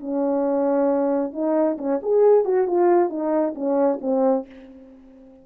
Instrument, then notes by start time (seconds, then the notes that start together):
horn
0.00 C#4
1.33 D#4
1.78 C#4
2.02 G#4
2.45 F#4
2.67 F4
3.10 D#4
3.55 C#4
4.01 C4